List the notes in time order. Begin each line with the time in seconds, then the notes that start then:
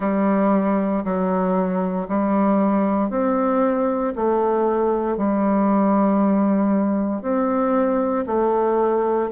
0.00 G3
1.04 F#3
2.08 G3
3.10 C4
4.15 A3
5.17 G3
7.21 C4
8.26 A3